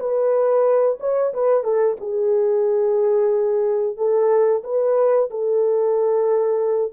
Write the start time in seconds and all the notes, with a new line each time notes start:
0.00 B4
1.00 C#5
1.34 B4
1.64 A4
2.01 G#4
3.97 A4
4.64 B4
5.31 A4